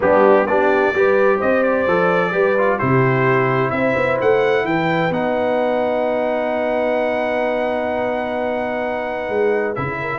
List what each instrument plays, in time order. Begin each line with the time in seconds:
0.00 tuba G3, trombone B3, horn D4, trumpet G4
0.46 tuba B3, trombone D4, horn G4, trumpet D5
0.94 tuba G3, trombone G4, horn B4
1.36 tuba C4, horn C5, trumpet D#5
1.63 trumpet D5
1.86 tuba F3, trombone A4
2.31 tuba G3, trombone G4, horn B4
2.57 trombone F4
2.77 tuba C3, trombone E4, horn G4, trumpet C5
3.70 tuba C4, horn C5, trumpet E5
3.95 tuba B3
4.21 tuba A3, trumpet F#5
4.64 tuba E3, horn B4, trumpet G5
5.10 tuba B3, trombone D#4, trumpet F#5
9.29 tuba G#3
9.75 tuba C#3, trombone E4, trumpet E5
10.00 horn A#4